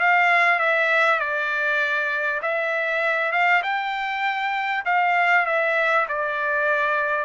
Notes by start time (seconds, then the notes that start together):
0.00 F5
0.60 E5
1.20 D5
2.42 E5
3.32 F5
3.63 G5
4.86 F5
5.46 E5
6.09 D5